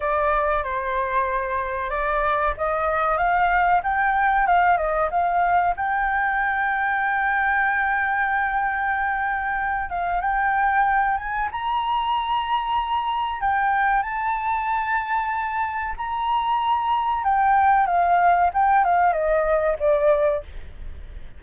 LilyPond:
\new Staff \with { instrumentName = "flute" } { \time 4/4 \tempo 4 = 94 d''4 c''2 d''4 | dis''4 f''4 g''4 f''8 dis''8 | f''4 g''2.~ | g''2.~ g''8 f''8 |
g''4. gis''8 ais''2~ | ais''4 g''4 a''2~ | a''4 ais''2 g''4 | f''4 g''8 f''8 dis''4 d''4 | }